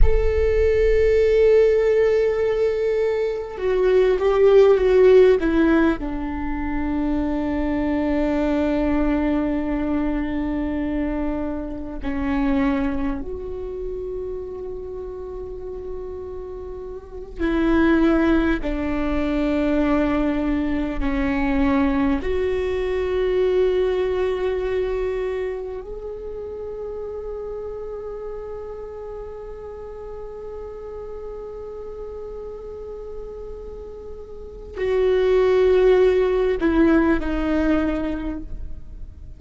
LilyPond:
\new Staff \with { instrumentName = "viola" } { \time 4/4 \tempo 4 = 50 a'2. fis'8 g'8 | fis'8 e'8 d'2.~ | d'2 cis'4 fis'4~ | fis'2~ fis'8 e'4 d'8~ |
d'4. cis'4 fis'4.~ | fis'4. gis'2~ gis'8~ | gis'1~ | gis'4 fis'4. e'8 dis'4 | }